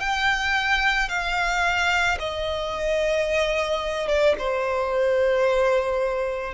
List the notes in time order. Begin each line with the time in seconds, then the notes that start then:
0.00 G5
1.09 F5
2.19 D#5
4.08 D5
4.38 C5